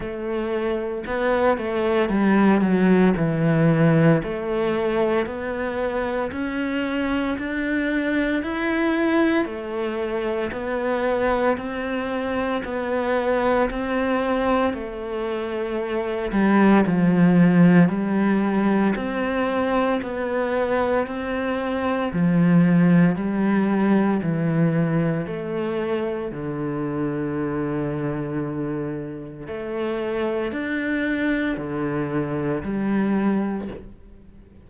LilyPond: \new Staff \with { instrumentName = "cello" } { \time 4/4 \tempo 4 = 57 a4 b8 a8 g8 fis8 e4 | a4 b4 cis'4 d'4 | e'4 a4 b4 c'4 | b4 c'4 a4. g8 |
f4 g4 c'4 b4 | c'4 f4 g4 e4 | a4 d2. | a4 d'4 d4 g4 | }